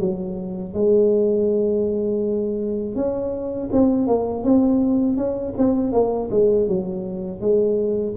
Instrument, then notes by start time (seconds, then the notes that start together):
tuba
0.00 F#3
0.74 G#3
2.96 C#4
3.73 C4
4.08 A#3
4.44 C4
5.18 C#4
5.58 C4
5.93 A#3
6.31 G#3
6.68 F#3
7.41 G#3